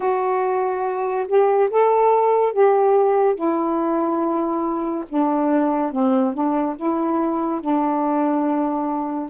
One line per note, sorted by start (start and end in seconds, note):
0.00 1.26 F#4
1.27 1.69 G4
1.70 2.52 A4
2.52 3.35 G4
3.35 5.04 E4
5.09 5.92 D4
5.92 6.33 C4
6.33 6.76 D4
6.76 7.61 E4
7.61 9.29 D4